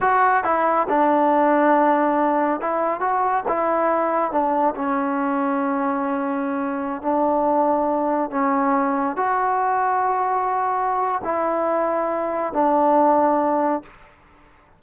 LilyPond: \new Staff \with { instrumentName = "trombone" } { \time 4/4 \tempo 4 = 139 fis'4 e'4 d'2~ | d'2 e'4 fis'4 | e'2 d'4 cis'4~ | cis'1~ |
cis'16 d'2. cis'8.~ | cis'4~ cis'16 fis'2~ fis'8.~ | fis'2 e'2~ | e'4 d'2. | }